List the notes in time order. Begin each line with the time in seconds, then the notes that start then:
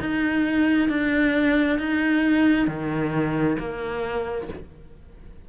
0.00 D#4
0.89 D4
1.79 D#4
2.68 D#3
3.59 A#3